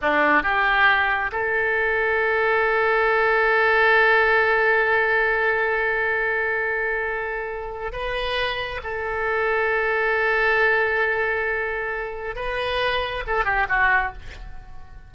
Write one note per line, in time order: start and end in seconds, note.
0.01 0.42 D4
0.42 1.31 G4
1.32 7.92 A4
7.92 8.80 B4
8.83 12.35 A4
12.35 13.23 B4
13.27 13.44 A4
13.44 13.66 G4
13.68 14.12 F#4